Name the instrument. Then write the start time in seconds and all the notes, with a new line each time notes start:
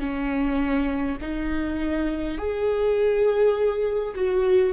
viola
0.00 C#4
1.21 D#4
2.38 G#4
4.15 F#4